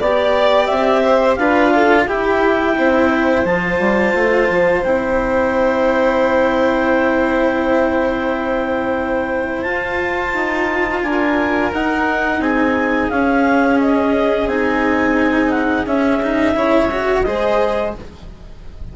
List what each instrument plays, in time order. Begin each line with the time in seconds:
0.00 bassoon B3, cello G4, violin D5, clarinet D5
0.66 bassoon C4, clarinet E5
1.05 violin C5
1.36 bassoon D4, cello F4, violin B4, clarinet F5
1.75 violin A4
2.08 bassoon E4, cello E4, violin G4, clarinet G5
2.78 bassoon C4, violin C5
3.45 bassoon F3, cello F4, clarinet A5
3.80 bassoon G3
4.15 bassoon A3
4.50 bassoon F3
4.84 bassoon C4, cello E4, clarinet G5
9.62 cello F4, bassoon F4, clarinet A5
10.34 bassoon D#4
11.03 bassoon D4, violin A#4, clarinet G#5
11.73 bassoon D#4, cello D#4, clarinet F#5
12.40 bassoon C4, violin G#4, clarinet G#5
13.10 bassoon C#4, cello C#4, clarinet F5
13.81 clarinet D#5
14.47 bassoon C4, cello D#4, clarinet G#5
15.51 clarinet F#5
15.86 bassoon C#4, cello C#4, clarinet E5
16.23 cello D#4
16.55 bassoon C#3, cello E4, violin C#5
16.92 cello F#4
17.23 bassoon G#3, cello G#4, violin C5, clarinet D#5